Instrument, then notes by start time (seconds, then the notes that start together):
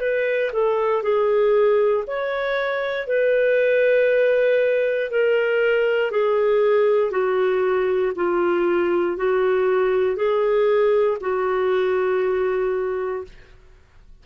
clarinet
0.00 B4
0.52 A4
1.03 G#4
2.07 C#5
3.07 B4
5.10 A#4
6.11 G#4
7.10 F#4
8.15 F4
9.17 F#4
10.16 G#4
11.20 F#4